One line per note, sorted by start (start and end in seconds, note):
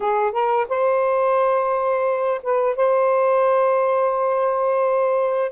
0.00 0.32 G#4
0.32 0.66 A#4
0.68 2.41 C5
2.42 2.76 B4
2.76 5.51 C5